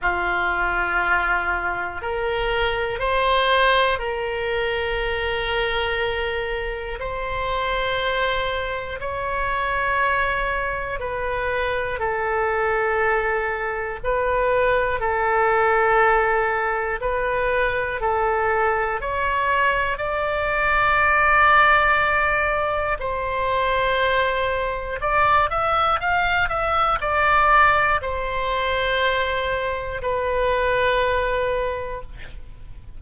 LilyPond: \new Staff \with { instrumentName = "oboe" } { \time 4/4 \tempo 4 = 60 f'2 ais'4 c''4 | ais'2. c''4~ | c''4 cis''2 b'4 | a'2 b'4 a'4~ |
a'4 b'4 a'4 cis''4 | d''2. c''4~ | c''4 d''8 e''8 f''8 e''8 d''4 | c''2 b'2 | }